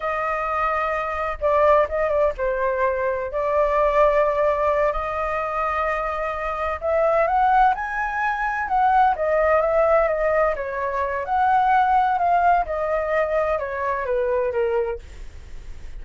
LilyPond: \new Staff \with { instrumentName = "flute" } { \time 4/4 \tempo 4 = 128 dis''2. d''4 | dis''8 d''8 c''2 d''4~ | d''2~ d''8 dis''4.~ | dis''2~ dis''8 e''4 fis''8~ |
fis''8 gis''2 fis''4 dis''8~ | dis''8 e''4 dis''4 cis''4. | fis''2 f''4 dis''4~ | dis''4 cis''4 b'4 ais'4 | }